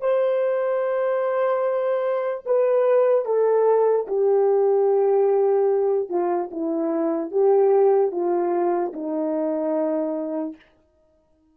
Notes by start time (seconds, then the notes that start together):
0.00 C5
2.45 B4
3.25 A4
4.07 G4
6.09 F4
6.51 E4
7.31 G4
8.11 F4
8.93 D#4